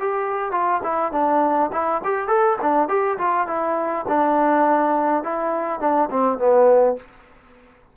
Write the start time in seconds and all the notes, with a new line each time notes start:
0.00 G4
0.52 F4
0.84 E4
1.13 D4
1.73 E4
2.04 G4
2.28 A4
2.62 D4
2.89 G4
3.18 F4
3.48 E4
4.08 D4
5.24 E4
5.80 D4
6.11 C4
6.39 B3